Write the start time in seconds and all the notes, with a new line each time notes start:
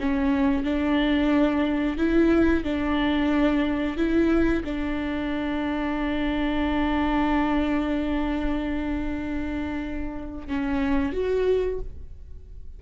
0.00 C#4
0.65 D4
1.98 E4
2.65 D4
3.97 E4
4.65 D4
10.48 C#4
11.13 F#4